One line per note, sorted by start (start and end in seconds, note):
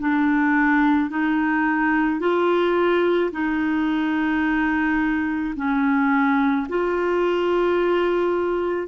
0.00 1.11 D4
1.11 2.20 D#4
2.20 3.31 F4
3.33 5.55 D#4
5.57 6.68 C#4
6.69 8.88 F4